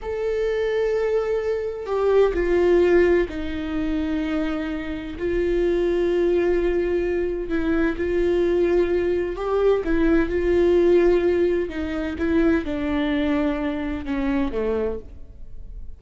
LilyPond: \new Staff \with { instrumentName = "viola" } { \time 4/4 \tempo 4 = 128 a'1 | g'4 f'2 dis'4~ | dis'2. f'4~ | f'1 |
e'4 f'2. | g'4 e'4 f'2~ | f'4 dis'4 e'4 d'4~ | d'2 cis'4 a4 | }